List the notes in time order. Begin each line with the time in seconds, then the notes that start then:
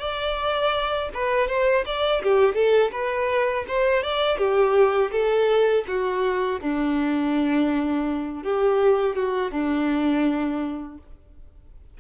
0.00 D5
1.14 B4
1.48 C5
1.86 D5
2.23 G4
2.55 A4
2.92 B4
3.68 C5
4.03 D5
4.38 G4
5.12 A4
5.88 F#4
6.62 D4
8.43 G4
9.16 F#4
9.52 D4